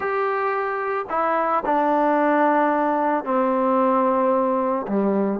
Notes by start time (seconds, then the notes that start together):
0.00 G4
1.09 E4
1.65 D4
3.24 C4
4.87 G3